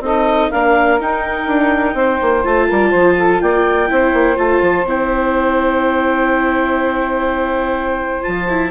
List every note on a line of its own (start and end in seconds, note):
0.00 0.48 C4
0.00 0.52 D#4
0.00 0.50 A4
0.00 0.51 D#5
0.50 1.00 A#3
0.50 0.99 D4
0.50 1.95 A#4
0.50 0.99 F5
0.99 2.43 D#4
0.99 1.47 D#4
0.99 2.45 G5
1.47 1.94 D4
1.94 2.18 C4
1.94 2.67 C5
2.21 2.44 A#3
2.43 2.69 A3
2.43 3.87 F4
2.43 3.41 A5
2.68 2.93 G3
2.68 2.89 A#4
2.89 3.41 F3
2.89 3.13 C5
3.18 3.41 A4
3.41 3.90 A#3
3.41 3.90 D5
3.41 4.37 G5
3.87 4.13 C4
3.87 4.36 E4
3.87 8.70 C5
4.13 4.37 A#3
4.36 4.61 A3
4.36 4.84 F4
4.36 4.86 A5
4.61 4.84 F3
4.84 8.23 C4
4.84 8.22 E4
4.84 8.22 G5
8.22 8.70 F3
8.22 8.46 F4
8.22 8.70 A5
8.49 8.70 E4